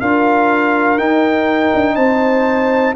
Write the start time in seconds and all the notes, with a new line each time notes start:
0.00 D4 F4 A#4 F5
0.98 D#4 G5
1.74 D4
1.95 C4 C5 A5